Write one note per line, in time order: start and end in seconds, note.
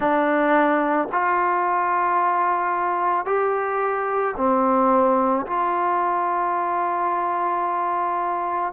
0.00 1.08 D4
1.12 3.25 F4
3.25 4.34 G4
4.36 5.45 C4
5.46 8.73 F4